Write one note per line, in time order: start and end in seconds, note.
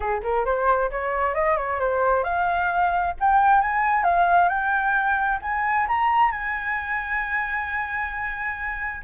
0.00 0.21 G#4
0.23 0.45 A#4
0.45 0.90 C5
0.90 1.34 C#5
1.34 1.56 D#5
1.56 1.79 C#5
1.79 2.23 C5
2.23 3.14 F5
3.20 3.61 G5
3.61 4.03 G#5
4.03 4.48 F5
4.48 5.39 G5
5.42 5.87 G#5
5.88 6.31 A#5
6.31 9.02 G#5